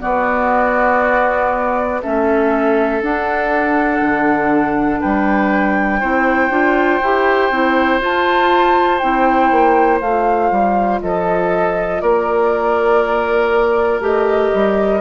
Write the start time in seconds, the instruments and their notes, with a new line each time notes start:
0.00 clarinet B3, bassoon B3, oboe F#4, flute D5
2.02 bassoon A3, clarinet C#4, oboe A4, flute E5
3.01 clarinet D4, bassoon D4, flute F#5
4.01 bassoon D3
5.00 bassoon G3, oboe B4, flute G5
6.00 bassoon C4, clarinet E4, oboe C5
6.50 bassoon D4, clarinet F4
7.02 bassoon E4, clarinet G4
7.50 bassoon C4, clarinet E4
8.00 clarinet F4, bassoon F4, flute A5
8.98 bassoon C4, clarinet E4, flute G5
9.51 bassoon A#3
10.00 bassoon A3, clarinet F4, flute F5
10.51 bassoon G3
11.01 bassoon F3, oboe A4, flute D#5
12.00 bassoon A#3, oboe A#4, flute D5
14.00 bassoon A3, clarinet G4, flute D#5
14.54 bassoon G3